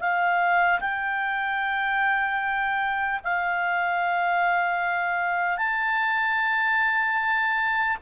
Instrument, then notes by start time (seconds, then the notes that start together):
clarinet
0.00 F5
0.80 G5
3.24 F5
5.57 A5